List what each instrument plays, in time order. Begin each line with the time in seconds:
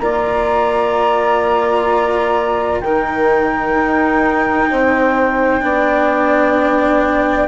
0.00 bassoon A#3, cello F4, saxophone D5, flute A#5
2.81 bassoon D#3, cello D#4, saxophone A#4, flute G5
3.75 bassoon D#4
4.70 bassoon C4, saxophone C5
5.61 bassoon B3, cello D4, saxophone D5